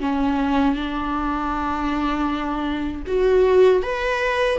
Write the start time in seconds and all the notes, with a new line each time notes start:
0.00 C#4
0.75 D4
3.07 F#4
3.82 B4